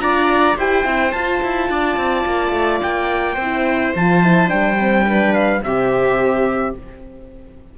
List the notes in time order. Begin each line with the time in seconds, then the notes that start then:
0.00 D4 F4 D5 A#5
0.57 E4 G4 C5 G5
0.84 C4 E4
1.12 F4 A5
1.44 E4
1.70 D4 D5
1.97 C4
2.26 A#3
2.53 A3
2.82 A#3 G5
3.34 C4 C5
3.42 E4
3.95 F3 F4 A5
4.23 E4
4.48 G3 D4 G5
4.79 C4
5.06 D4 B4
5.34 F5
5.61 C3 C4 G4 E5